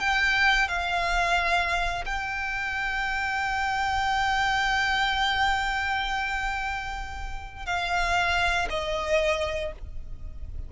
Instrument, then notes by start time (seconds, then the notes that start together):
violin
0.00 G5
0.68 F5
2.05 G5
7.66 F5
8.70 D#5